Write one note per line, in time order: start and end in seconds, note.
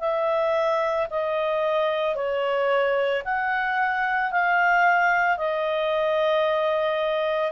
0.00 1.07 E5
1.11 2.16 D#5
2.16 3.23 C#5
3.25 4.32 F#5
4.32 5.38 F5
5.38 7.52 D#5